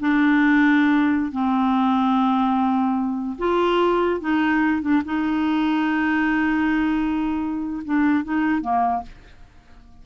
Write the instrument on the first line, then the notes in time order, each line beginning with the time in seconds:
clarinet
0.00 D4
1.32 C4
3.38 F4
4.20 D#4
4.82 D4
5.05 D#4
7.85 D4
8.24 D#4
8.61 A#3